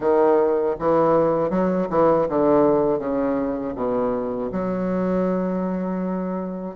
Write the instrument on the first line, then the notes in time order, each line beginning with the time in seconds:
bassoon
0.00 D#3
0.79 E3
1.50 F#3
1.90 E3
2.28 D3
2.99 C#3
3.75 B2
4.52 F#3